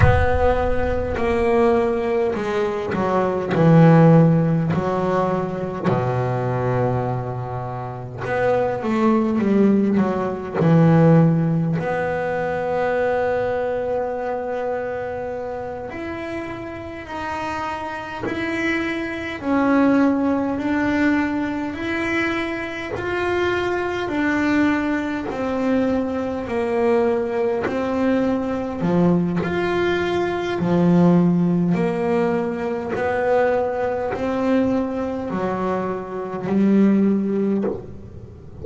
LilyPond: \new Staff \with { instrumentName = "double bass" } { \time 4/4 \tempo 4 = 51 b4 ais4 gis8 fis8 e4 | fis4 b,2 b8 a8 | g8 fis8 e4 b2~ | b4. e'4 dis'4 e'8~ |
e'8 cis'4 d'4 e'4 f'8~ | f'8 d'4 c'4 ais4 c'8~ | c'8 f8 f'4 f4 ais4 | b4 c'4 fis4 g4 | }